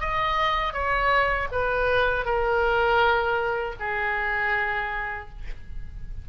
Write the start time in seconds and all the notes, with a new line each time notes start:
0.00 D#5
0.73 C#5
1.51 B4
2.25 A#4
3.79 G#4